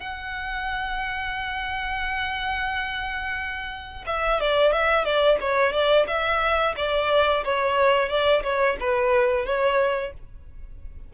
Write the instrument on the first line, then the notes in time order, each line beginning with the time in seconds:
violin
0.00 F#5
4.06 E5
4.40 D5
4.72 E5
5.04 D5
5.40 C#5
5.72 D5
6.07 E5
6.76 D5
7.44 C#5
8.09 D5
8.43 C#5
8.80 B4
9.45 C#5